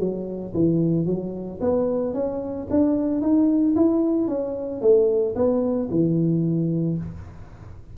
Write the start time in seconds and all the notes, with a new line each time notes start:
0.00 F#3
0.54 E3
1.06 F#3
1.61 B3
2.14 C#4
2.71 D4
3.22 D#4
3.76 E4
4.28 C#4
4.82 A3
5.36 B3
5.91 E3